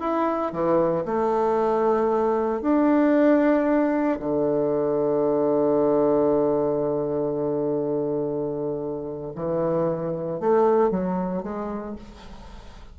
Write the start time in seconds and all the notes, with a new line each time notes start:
0.00 E4
0.52 E3
1.05 A3
2.61 D4
4.20 D3
9.35 E3
10.40 A3
10.90 F#3
11.43 G#3